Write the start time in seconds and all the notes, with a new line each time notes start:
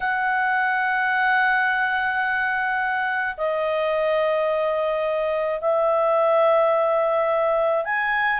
0.00 F#5
3.37 D#5
5.60 E5
7.85 G#5